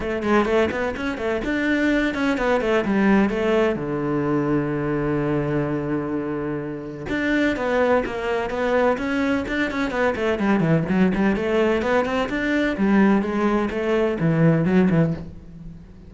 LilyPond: \new Staff \with { instrumentName = "cello" } { \time 4/4 \tempo 4 = 127 a8 gis8 a8 b8 cis'8 a8 d'4~ | d'8 cis'8 b8 a8 g4 a4 | d1~ | d2. d'4 |
b4 ais4 b4 cis'4 | d'8 cis'8 b8 a8 g8 e8 fis8 g8 | a4 b8 c'8 d'4 g4 | gis4 a4 e4 fis8 e8 | }